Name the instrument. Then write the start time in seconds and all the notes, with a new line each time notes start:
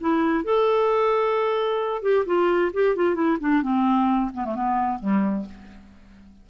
clarinet
0.00 E4
0.44 A4
2.02 G4
2.26 F4
2.73 G4
2.96 F4
3.14 E4
3.40 D4
3.62 C4
4.33 B3
4.45 A3
4.55 B3
4.99 G3